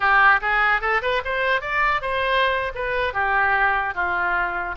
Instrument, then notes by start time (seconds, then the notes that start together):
oboe
0.00 G4
0.41 G#4
0.81 A4
1.01 B4
1.25 C5
1.61 D5
2.01 C5
2.75 B4
3.13 G4
3.94 F4